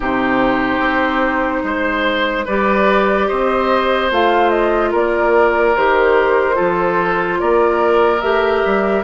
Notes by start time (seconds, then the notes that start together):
0.00 C3 D#4 G4 C5
0.79 C4
1.63 G#3 C5
2.45 G3 G4 B4 D5
3.28 C4 C5 D#5
4.11 A3 F4 F5
4.49 D#5
4.91 A#3 A#4 D5
5.76 D#3 G4 C5
6.53 F3 F4 A4
7.39 A#3 A#4 D5
8.21 A3 G4 E5
8.65 G3